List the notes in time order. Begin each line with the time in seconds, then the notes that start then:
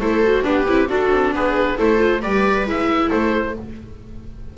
0.00 A3 E4 A4 C5
0.24 F#4
0.43 B3 D4 G4 B4
0.67 C4 E4
0.89 D4 F#4 A4
1.11 C4
1.32 B3 G#4 B4
1.78 A3 E4 A4 C5
1.98 F4
2.22 G3 G4 B4 D5
2.66 G#3 E4 E5
3.09 A3 A4 C5